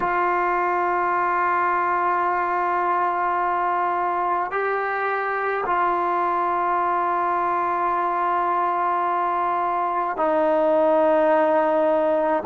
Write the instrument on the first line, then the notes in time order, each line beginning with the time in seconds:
trombone
0.00 F4
4.51 G4
5.66 F4
10.16 D#4